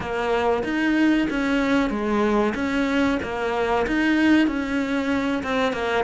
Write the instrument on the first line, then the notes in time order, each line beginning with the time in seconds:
cello
0.00 A#3
0.63 D#4
1.29 C#4
1.89 G#3
2.54 C#4
3.22 A#3
3.86 D#4
4.47 C#4
5.43 C4
5.72 A#3